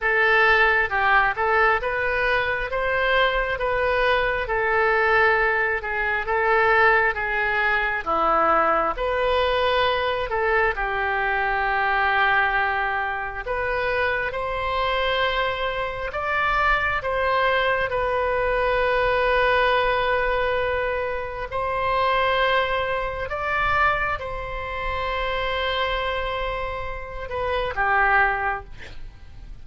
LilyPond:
\new Staff \with { instrumentName = "oboe" } { \time 4/4 \tempo 4 = 67 a'4 g'8 a'8 b'4 c''4 | b'4 a'4. gis'8 a'4 | gis'4 e'4 b'4. a'8 | g'2. b'4 |
c''2 d''4 c''4 | b'1 | c''2 d''4 c''4~ | c''2~ c''8 b'8 g'4 | }